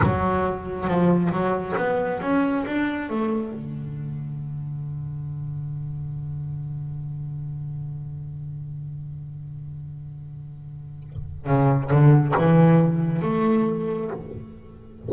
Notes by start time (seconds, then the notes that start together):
0.02 F#3
0.87 F3
1.32 F#3
1.76 B3
2.21 C#4
2.66 D4
3.09 A3
3.53 D3
11.46 C#3
11.90 D3
12.37 E3
13.22 A3